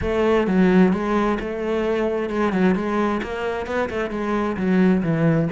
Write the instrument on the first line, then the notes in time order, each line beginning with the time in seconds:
cello
0.01 A3
0.47 F#3
0.92 G#3
1.40 A3
2.29 G#3
2.52 F#3
2.75 G#3
3.22 A#3
3.66 B3
3.89 A3
4.10 G#3
4.56 F#3
5.03 E3